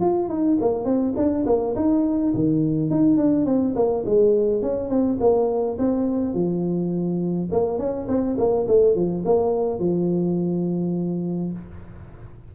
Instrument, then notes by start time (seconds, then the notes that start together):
tuba
0.00 F4
0.29 D#4
0.61 A#3
0.85 C4
1.16 D4
1.46 A#3
1.75 D#4
2.34 D#3
2.90 D#4
3.17 D4
3.46 C4
3.75 A#3
4.05 G#3
4.62 C#4
4.89 C4
5.20 A#3
5.78 C4
6.34 F3
7.52 A#3
7.78 C#4
8.08 C4
8.38 A#3
8.67 A3
8.95 F3
9.25 A#3
9.79 F3